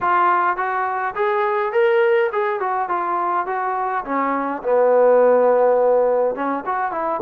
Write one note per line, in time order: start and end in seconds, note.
0.00 0.56 F4
0.56 1.14 F#4
1.15 1.72 G#4
1.72 2.29 A#4
2.32 2.60 G#4
2.60 2.88 F#4
2.88 3.46 F4
3.46 4.04 F#4
4.04 4.62 C#4
4.62 6.35 B3
6.35 6.64 C#4
6.65 6.91 F#4
6.91 7.20 E4